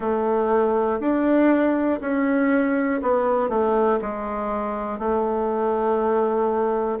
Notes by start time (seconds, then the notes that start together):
0.00 A3
1.00 D4
2.00 C#4
3.01 B3
3.49 A3
4.01 G#3
4.99 A3